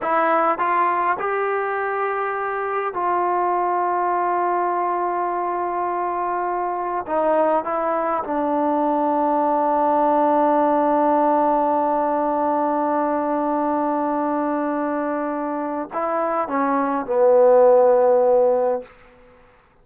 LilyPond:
\new Staff \with { instrumentName = "trombone" } { \time 4/4 \tempo 4 = 102 e'4 f'4 g'2~ | g'4 f'2.~ | f'1 | dis'4 e'4 d'2~ |
d'1~ | d'1~ | d'2. e'4 | cis'4 b2. | }